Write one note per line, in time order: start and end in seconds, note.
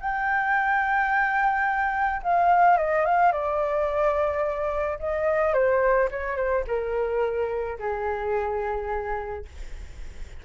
0.00 2.22 G5
2.23 2.78 F5
2.78 3.05 D#5
3.05 3.32 F5
3.32 4.99 D5
4.99 5.54 D#5
5.54 6.09 C5
6.11 6.36 C#5
6.36 6.64 C5
6.67 7.78 A#4
7.79 9.45 G#4